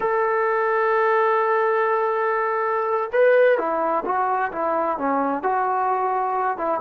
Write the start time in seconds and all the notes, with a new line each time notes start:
0.00 A4
3.12 B4
3.57 E4
4.05 F#4
4.52 E4
4.97 C#4
5.43 F#4
6.57 E4